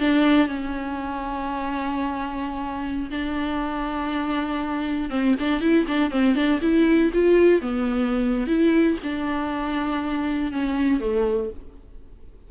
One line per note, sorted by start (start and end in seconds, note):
0.00 0.48 D4
0.48 3.10 C#4
3.11 5.10 D4
5.10 5.35 C4
5.40 5.61 D4
5.61 5.86 E4
5.88 6.11 D4
6.11 6.35 C4
6.35 6.60 D4
6.62 7.12 E4
7.14 7.62 F4
7.62 8.47 B3
8.47 8.97 E4
9.03 10.52 D4
10.52 11.00 C#4
11.00 11.50 A3